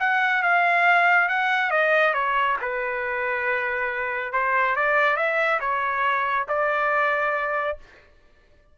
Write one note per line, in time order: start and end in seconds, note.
0.00 0.43 F#5
0.43 1.29 F5
1.29 1.71 F#5
1.71 2.14 D#5
2.14 2.57 C#5
2.62 4.33 B4
4.33 4.76 C5
4.76 5.17 D5
5.17 5.60 E5
5.60 6.47 C#5
6.48 7.78 D5